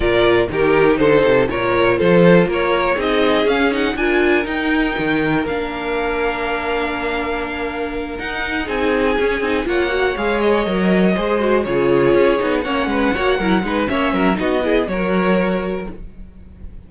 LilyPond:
<<
  \new Staff \with { instrumentName = "violin" } { \time 4/4 \tempo 4 = 121 d''4 ais'4 c''4 cis''4 | c''4 cis''4 dis''4 f''8 fis''8 | gis''4 g''2 f''4~ | f''1~ |
f''8 fis''4 gis''2 fis''8~ | fis''8 f''8 dis''2~ dis''8 cis''8~ | cis''4. fis''2~ fis''8 | e''4 dis''4 cis''2 | }
  \new Staff \with { instrumentName = "violin" } { \time 4/4 ais'4 g'4 a'4 ais'4 | a'4 ais'4 gis'2 | ais'1~ | ais'1~ |
ais'4. gis'2 cis''8~ | cis''2~ cis''8 c''4 gis'8~ | gis'4. cis''8 b'8 cis''8 ais'8 b'8 | cis''8 ais'8 fis'8 gis'8 ais'2 | }
  \new Staff \with { instrumentName = "viola" } { \time 4/4 f'4 dis'2 f'4~ | f'2 dis'4 cis'8 dis'8 | f'4 dis'2 d'4~ | d'1~ |
d'8 dis'2 cis'8 dis'8 f'8 | fis'8 gis'4 ais'4 gis'8 fis'8 f'8~ | f'4 dis'8 cis'4 fis'8 e'8 dis'8 | cis'4 dis'8 e'8 fis'2 | }
  \new Staff \with { instrumentName = "cello" } { \time 4/4 ais,4 dis4 d8 c8 ais,4 | f4 ais4 c'4 cis'4 | d'4 dis'4 dis4 ais4~ | ais1~ |
ais8 dis'4 c'4 cis'8 c'8 ais8~ | ais8 gis4 fis4 gis4 cis8~ | cis8 cis'8 b8 ais8 gis8 ais8 fis8 gis8 | ais8 fis8 b4 fis2 | }
>>